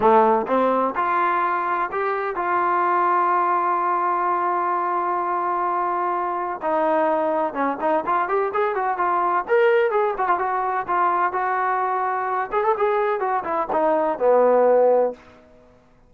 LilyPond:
\new Staff \with { instrumentName = "trombone" } { \time 4/4 \tempo 4 = 127 a4 c'4 f'2 | g'4 f'2.~ | f'1~ | f'2 dis'2 |
cis'8 dis'8 f'8 g'8 gis'8 fis'8 f'4 | ais'4 gis'8 fis'16 f'16 fis'4 f'4 | fis'2~ fis'8 gis'16 a'16 gis'4 | fis'8 e'8 dis'4 b2 | }